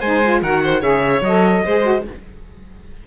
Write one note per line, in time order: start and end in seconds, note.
0.00 0.43 G#3
0.00 0.25 D#4
0.00 0.41 C5
0.00 0.42 G#5
0.25 0.45 F4
0.43 0.83 D#3
0.43 0.82 F#4
0.43 0.64 A#4
0.43 0.83 F#5
0.64 0.81 C5
0.81 1.21 C#3
0.81 1.23 G#4
0.81 1.63 C#5
0.81 1.24 E5
1.21 1.62 F#3
1.21 2.06 D#5
1.28 1.67 A4
1.65 2.08 G#3
1.65 1.84 G#4
1.65 2.06 C5
1.84 2.04 F#4